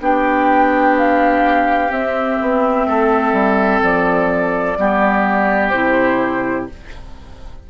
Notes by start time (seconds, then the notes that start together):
0.00 B3 D4 G4 G5
0.98 F5
1.89 C4 E5
2.41 B3
2.86 A3 A4
3.33 G3
3.82 F3 D5
4.78 G3 B3 G4
5.69 C3 E4 C5